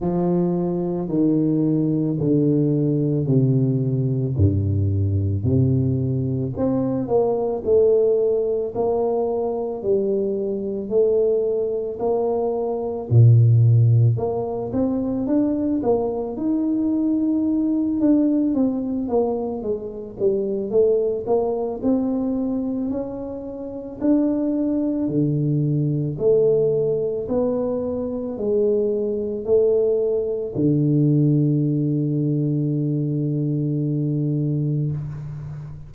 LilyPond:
\new Staff \with { instrumentName = "tuba" } { \time 4/4 \tempo 4 = 55 f4 dis4 d4 c4 | g,4 c4 c'8 ais8 a4 | ais4 g4 a4 ais4 | ais,4 ais8 c'8 d'8 ais8 dis'4~ |
dis'8 d'8 c'8 ais8 gis8 g8 a8 ais8 | c'4 cis'4 d'4 d4 | a4 b4 gis4 a4 | d1 | }